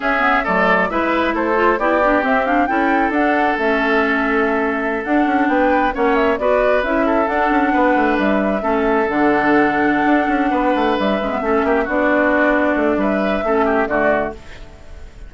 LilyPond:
<<
  \new Staff \with { instrumentName = "flute" } { \time 4/4 \tempo 4 = 134 e''4 d''4 e''4 c''4 | d''4 e''8 f''8 g''4 fis''4 | e''2.~ e''16 fis''8.~ | fis''16 g''4 fis''8 e''8 d''4 e''8.~ |
e''16 fis''2 e''4.~ e''16~ | e''16 fis''2.~ fis''8.~ | fis''8 e''2 d''4.~ | d''4 e''2 d''4 | }
  \new Staff \with { instrumentName = "oboe" } { \time 4/4 gis'4 a'4 b'4 a'4 | g'2 a'2~ | a'1~ | a'16 b'4 cis''4 b'4. a'16~ |
a'4~ a'16 b'2 a'8.~ | a'2.~ a'8 b'8~ | b'4. a'8 g'8 fis'4.~ | fis'4 b'4 a'8 g'8 fis'4 | }
  \new Staff \with { instrumentName = "clarinet" } { \time 4/4 cis'8 b8 a4 e'4. f'8 | e'8 d'8 c'8 d'8 e'4 d'4 | cis'2.~ cis'16 d'8.~ | d'4~ d'16 cis'4 fis'4 e'8.~ |
e'16 d'2. cis'8.~ | cis'16 d'2.~ d'8.~ | d'4 cis'16 b16 cis'4 d'4.~ | d'2 cis'4 a4 | }
  \new Staff \with { instrumentName = "bassoon" } { \time 4/4 cis'4 fis4 gis4 a4 | b4 c'4 cis'4 d'4 | a2.~ a16 d'8 cis'16~ | cis'16 b4 ais4 b4 cis'8.~ |
cis'16 d'8 cis'8 b8 a8 g4 a8.~ | a16 d2~ d16 d'8 cis'8 b8 | a8 g8 gis8 a8 ais8 b4.~ | b8 a8 g4 a4 d4 | }
>>